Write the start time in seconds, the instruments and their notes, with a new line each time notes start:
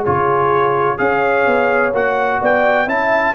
0.00 trombone F4, horn G#4, trumpet C#5
0.07 tuba C#3
0.98 tuba C#4, trombone G#4, horn C#5, trumpet F5
1.46 tuba B3
1.93 tuba A#3, trombone F#4, trumpet F#5
2.40 tuba B3, horn D5, trumpet G5
2.86 tuba C#4, trombone E4, horn E5, trumpet A5